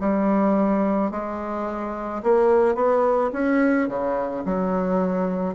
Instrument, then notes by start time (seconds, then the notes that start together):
bassoon
0.00 G3
1.11 G#3
2.23 A#3
2.75 B3
3.33 C#4
3.88 C#3
4.45 F#3